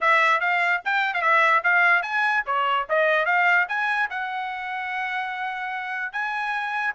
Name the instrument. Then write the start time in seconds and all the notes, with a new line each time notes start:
trumpet
0.00 E5
0.40 F5
0.84 G5
1.14 F5
1.21 E5
1.63 F5
2.02 G#5
2.45 C#5
2.89 D#5
3.25 F5
3.68 G#5
4.10 F#5
6.12 G#5